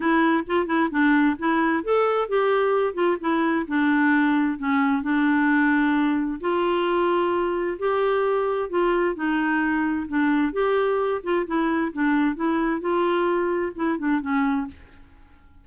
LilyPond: \new Staff \with { instrumentName = "clarinet" } { \time 4/4 \tempo 4 = 131 e'4 f'8 e'8 d'4 e'4 | a'4 g'4. f'8 e'4 | d'2 cis'4 d'4~ | d'2 f'2~ |
f'4 g'2 f'4 | dis'2 d'4 g'4~ | g'8 f'8 e'4 d'4 e'4 | f'2 e'8 d'8 cis'4 | }